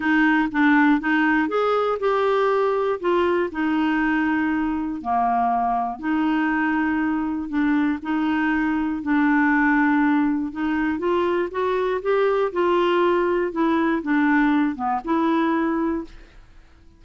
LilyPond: \new Staff \with { instrumentName = "clarinet" } { \time 4/4 \tempo 4 = 120 dis'4 d'4 dis'4 gis'4 | g'2 f'4 dis'4~ | dis'2 ais2 | dis'2. d'4 |
dis'2 d'2~ | d'4 dis'4 f'4 fis'4 | g'4 f'2 e'4 | d'4. b8 e'2 | }